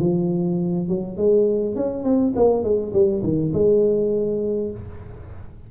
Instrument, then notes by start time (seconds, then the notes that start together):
tuba
0.00 F3
0.89 F#3
1.17 G#3
1.76 C#4
2.04 C4
2.36 A#3
2.64 G#3
2.93 G3
3.24 D#3
3.54 G#3